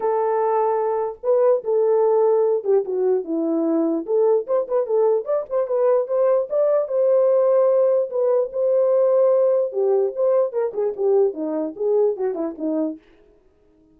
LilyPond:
\new Staff \with { instrumentName = "horn" } { \time 4/4 \tempo 4 = 148 a'2. b'4 | a'2~ a'8 g'8 fis'4 | e'2 a'4 c''8 b'8 | a'4 d''8 c''8 b'4 c''4 |
d''4 c''2. | b'4 c''2. | g'4 c''4 ais'8 gis'8 g'4 | dis'4 gis'4 fis'8 e'8 dis'4 | }